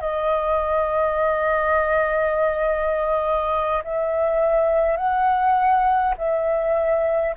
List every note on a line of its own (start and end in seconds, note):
0.00 3.82 D#5
3.83 4.97 E5
4.97 6.14 F#5
6.18 7.35 E5